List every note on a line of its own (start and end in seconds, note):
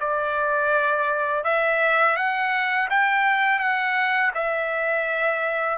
0.00 1.44 D5
1.44 2.16 E5
2.17 2.89 F#5
2.90 3.59 G5
3.59 4.31 F#5
4.34 5.78 E5